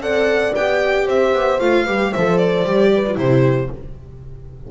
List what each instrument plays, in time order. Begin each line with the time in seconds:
0.00 double bass C4, viola A4, horn D5, violin F#5
0.55 double bass B3, viola G4, violin G5
1.06 double bass C4, horn C5, violin E5
1.33 double bass B3
1.60 double bass A3, viola F4, violin F5
1.85 double bass G3, viola G4, horn B4
2.13 double bass F3, viola A4, horn C5, violin E5
2.38 violin D5
2.64 double bass G3, viola G4
2.94 horn B4
3.07 viola F4
3.14 double bass C3, viola E4, horn G4, violin C5